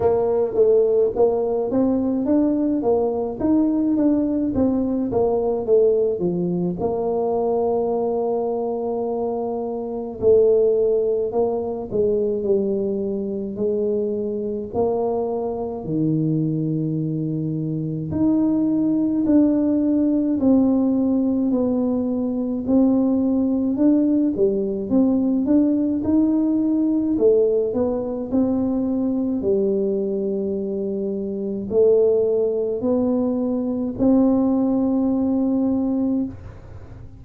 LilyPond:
\new Staff \with { instrumentName = "tuba" } { \time 4/4 \tempo 4 = 53 ais8 a8 ais8 c'8 d'8 ais8 dis'8 d'8 | c'8 ais8 a8 f8 ais2~ | ais4 a4 ais8 gis8 g4 | gis4 ais4 dis2 |
dis'4 d'4 c'4 b4 | c'4 d'8 g8 c'8 d'8 dis'4 | a8 b8 c'4 g2 | a4 b4 c'2 | }